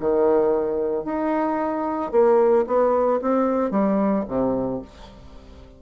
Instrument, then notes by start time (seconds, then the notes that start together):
bassoon
0.00 D#3
1.04 D#4
2.12 A#3
2.67 B3
3.21 C4
3.71 G3
4.28 C3